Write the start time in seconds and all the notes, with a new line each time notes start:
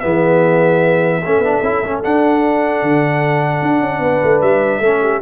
0.00 E3 B3 G#4 E5
1.23 A3 C#4 A4
1.39 B3 D4
1.62 C#4 E4
1.83 A3 C#4
2.03 D4 F#5
2.82 D3
3.62 D4
3.81 C#4
3.99 B3 B4
4.24 A3
4.41 G3 E5
4.80 A3 C#4 A4
5.02 G4